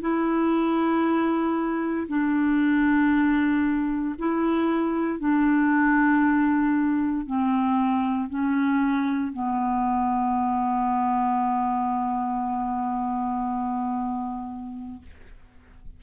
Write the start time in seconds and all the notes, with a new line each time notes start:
0.00 E4
2.08 D4
4.18 E4
5.19 D4
7.26 C4
8.29 C#4
9.32 B3